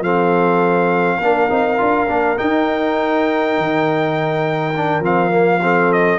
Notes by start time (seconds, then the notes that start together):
0.00 F3 C4 A4 F5
1.19 A#3 D4 A#4
1.49 C4 D#4
1.77 D4 F4
2.07 A#3 D4
2.38 D#4 G5
3.58 D#3
4.76 D4
5.00 F3 C4 F5
5.30 A#3
5.62 C4 A4
5.93 D#5